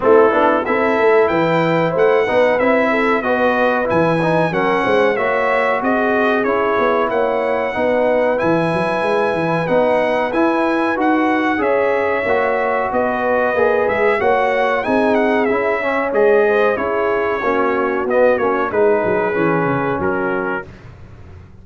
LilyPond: <<
  \new Staff \with { instrumentName = "trumpet" } { \time 4/4 \tempo 4 = 93 a'4 e''4 g''4 fis''4 | e''4 dis''4 gis''4 fis''4 | e''4 dis''4 cis''4 fis''4~ | fis''4 gis''2 fis''4 |
gis''4 fis''4 e''2 | dis''4. e''8 fis''4 gis''8 fis''8 | e''4 dis''4 cis''2 | dis''8 cis''8 b'2 ais'4 | }
  \new Staff \with { instrumentName = "horn" } { \time 4/4 e'4 a'4 b'4 c''8 b'8~ | b'8 a'8 b'2 ais'8 c''8 | cis''4 gis'2 cis''4 | b'1~ |
b'2 cis''2 | b'2 cis''4 gis'4~ | gis'8 cis''4 c''8 gis'4 fis'4~ | fis'4 gis'2 fis'4 | }
  \new Staff \with { instrumentName = "trombone" } { \time 4/4 c'8 d'8 e'2~ e'8 dis'8 | e'4 fis'4 e'8 dis'8 cis'4 | fis'2 e'2 | dis'4 e'2 dis'4 |
e'4 fis'4 gis'4 fis'4~ | fis'4 gis'4 fis'4 dis'4 | e'8 cis'8 gis'4 e'4 cis'4 | b8 cis'8 dis'4 cis'2 | }
  \new Staff \with { instrumentName = "tuba" } { \time 4/4 a8 b8 c'8 a8 e4 a8 b8 | c'4 b4 e4 fis8 gis8 | ais4 c'4 cis'8 b8 ais4 | b4 e8 fis8 gis8 e8 b4 |
e'4 dis'4 cis'4 ais4 | b4 ais8 gis8 ais4 c'4 | cis'4 gis4 cis'4 ais4 | b8 ais8 gis8 fis8 e8 cis8 fis4 | }
>>